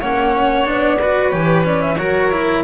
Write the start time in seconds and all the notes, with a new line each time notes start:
0.00 A#3 C#4 C#5 F#5
0.65 B3 D4 D5
0.98 F#4 B4
1.30 E3 G4 C#5
1.64 C#4 D5
1.81 E5
1.96 F#3 F#4 A#4 C#5
2.31 E4